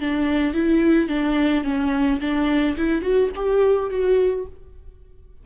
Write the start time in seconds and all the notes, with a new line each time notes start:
0.00 D4
0.54 E4
1.08 D4
1.64 C#4
2.20 D4
2.77 E4
3.02 F#4
3.35 G4
3.90 F#4